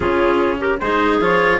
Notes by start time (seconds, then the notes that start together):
0.00 C#3 C#4 F4 G#4
0.58 G4 A#4
0.79 G#3 D#4 G#4 C5
1.20 F3 F4 C#5